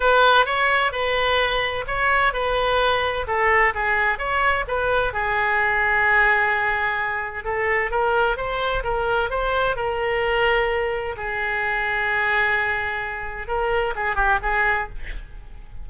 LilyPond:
\new Staff \with { instrumentName = "oboe" } { \time 4/4 \tempo 4 = 129 b'4 cis''4 b'2 | cis''4 b'2 a'4 | gis'4 cis''4 b'4 gis'4~ | gis'1 |
a'4 ais'4 c''4 ais'4 | c''4 ais'2. | gis'1~ | gis'4 ais'4 gis'8 g'8 gis'4 | }